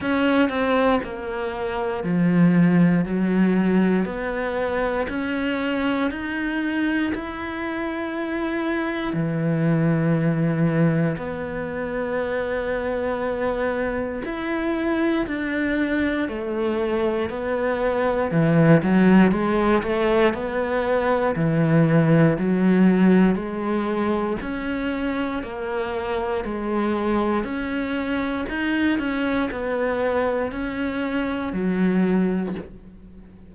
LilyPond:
\new Staff \with { instrumentName = "cello" } { \time 4/4 \tempo 4 = 59 cis'8 c'8 ais4 f4 fis4 | b4 cis'4 dis'4 e'4~ | e'4 e2 b4~ | b2 e'4 d'4 |
a4 b4 e8 fis8 gis8 a8 | b4 e4 fis4 gis4 | cis'4 ais4 gis4 cis'4 | dis'8 cis'8 b4 cis'4 fis4 | }